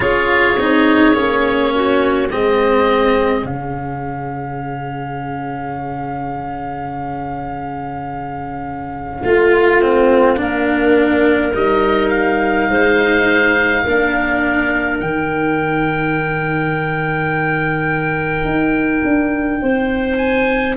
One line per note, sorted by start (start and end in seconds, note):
0.00 0.57 C#4
0.00 0.56 F4
0.00 1.74 G#4
0.00 2.28 C#5
0.59 1.15 C4
0.59 1.13 D#4
1.13 2.30 A#3
1.13 2.29 C#4
1.75 2.31 F#4
2.31 3.43 G#3
2.31 3.46 C4
2.31 9.23 G#4
2.31 3.45 D#5
3.43 9.20 C#3
3.43 9.23 C#4
3.43 11.53 F5
9.23 10.38 A3
9.23 9.81 F4
9.23 10.39 F4
9.81 10.36 C4
10.36 11.53 A#3
10.36 11.51 D4
10.36 12.70 A#4
11.53 12.68 G3
11.53 13.84 D#4
11.53 12.09 D#5
12.09 14.97 F5
12.68 13.83 G#3
12.68 13.82 C5
13.82 15.00 A#3
13.82 19.59 A#4
13.88 15.00 D4
15.00 18.44 D#3
15.00 20.76 D#4
15.00 20.17 G5
18.44 19.02 D#4
19.04 19.61 D4
19.61 20.76 C4
19.61 20.76 C5
20.17 20.75 G#5